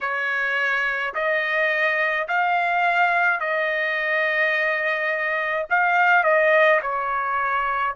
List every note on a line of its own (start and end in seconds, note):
0.01 1.14 C#5
1.14 2.27 D#5
2.27 3.40 F5
3.40 5.66 D#5
5.70 6.23 F5
6.23 6.80 D#5
6.82 7.95 C#5